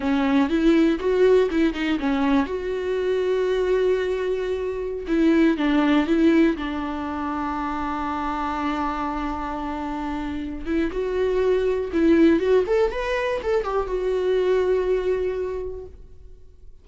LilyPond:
\new Staff \with { instrumentName = "viola" } { \time 4/4 \tempo 4 = 121 cis'4 e'4 fis'4 e'8 dis'8 | cis'4 fis'2.~ | fis'2~ fis'16 e'4 d'8.~ | d'16 e'4 d'2~ d'8.~ |
d'1~ | d'4. e'8 fis'2 | e'4 fis'8 a'8 b'4 a'8 g'8 | fis'1 | }